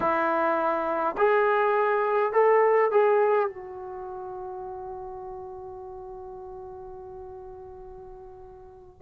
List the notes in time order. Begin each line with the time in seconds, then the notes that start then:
0.00 E4
1.17 G#4
2.32 A4
2.91 G#4
3.48 F#4